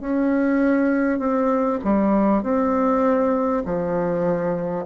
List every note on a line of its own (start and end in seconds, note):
0.00 1.19 C#4
1.19 1.79 C4
1.84 2.42 G3
2.42 3.62 C4
3.65 4.85 F3